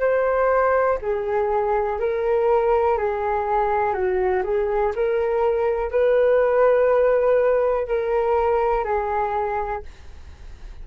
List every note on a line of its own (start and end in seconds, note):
0.00 0.98 C5
1.02 2.00 G#4
2.00 2.98 A#4
2.98 3.94 G#4
3.94 4.43 F#4
4.44 4.93 G#4
4.96 5.92 A#4
5.92 7.88 B4
7.88 8.85 A#4
8.85 9.83 G#4